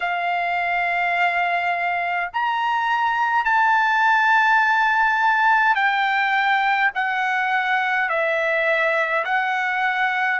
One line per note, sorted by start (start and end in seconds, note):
0.00 2.30 F5
2.33 3.44 A#5
3.44 5.75 A5
5.75 6.90 G5
6.94 8.09 F#5
8.09 9.24 E5
9.25 10.40 F#5